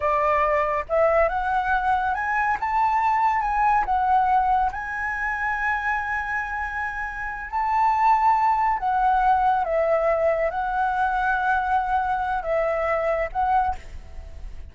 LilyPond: \new Staff \with { instrumentName = "flute" } { \time 4/4 \tempo 4 = 140 d''2 e''4 fis''4~ | fis''4 gis''4 a''2 | gis''4 fis''2 gis''4~ | gis''1~ |
gis''4. a''2~ a''8~ | a''8 fis''2 e''4.~ | e''8 fis''2.~ fis''8~ | fis''4 e''2 fis''4 | }